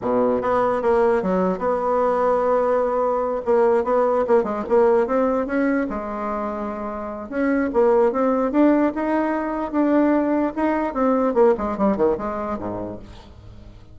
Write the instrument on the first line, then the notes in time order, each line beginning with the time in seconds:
bassoon
0.01 B2
0.41 B3
0.81 A#3
1.22 F#3
1.58 B3
3.45 A#3
3.84 B3
4.27 A#3
4.43 G#3
4.68 A#3
5.06 C4
5.46 C#4
5.89 G#3
7.29 C#4
7.73 A#3
8.12 C4
8.51 D4
8.94 D#4
9.71 D4
10.55 D#4
10.93 C4
11.34 A#3
11.57 G#3
11.77 G3
11.96 D#3
12.17 G#3
12.58 G#2